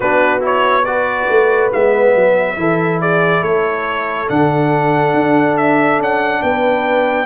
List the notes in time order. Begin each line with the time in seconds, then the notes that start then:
0.00 B3 D4 F#4 B4
0.40 E4 C#5
0.84 F#4 B4 D5
1.29 A3
1.72 G#3 B3 E5
2.14 F#3
2.56 E3 E4 A4
3.01 G#4 D5
3.41 A3 A4 C#5
4.27 D3 D4 F#5
5.13 D4
5.57 E5
5.99 C#4 F#5
6.42 B3 B4 G5